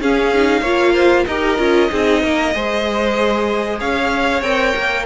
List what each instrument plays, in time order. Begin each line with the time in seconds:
0.00 cello C#4, viola C#4, violin G#4 F5
0.34 viola D#4
0.61 cello A#3, viola F4, violin C#5
0.93 violin C5
1.26 cello D#4, viola G4, violin A#4 D#5
1.58 cello C#4, viola F4
1.90 cello C4, viola D#4, violin G#4
2.23 cello A#3, violin A#4
2.54 cello G#3, viola G#4, violin C5
3.80 cello C#4, violin C#5 F5
4.42 cello C4, viola A#4, violin G5
4.76 cello A#3